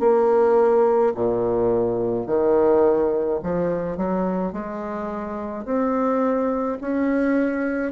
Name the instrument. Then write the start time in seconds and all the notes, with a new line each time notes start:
bassoon
0.00 A#3
1.15 A#2
2.27 D#3
3.44 F3
3.97 F#3
4.53 G#3
5.66 C4
6.81 C#4